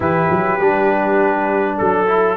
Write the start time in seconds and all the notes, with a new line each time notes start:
0.00 E3 E4 G4 B4
0.30 F#3
0.60 G3 D4
1.77 F#3 A4
2.07 E4